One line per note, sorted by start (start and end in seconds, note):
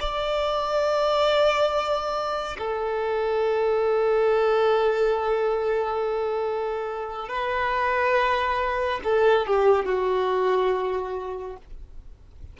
0.00 2.57 D5
2.58 7.29 A4
7.29 9.00 B4
9.04 9.46 A4
9.47 9.86 G4
9.86 11.57 F#4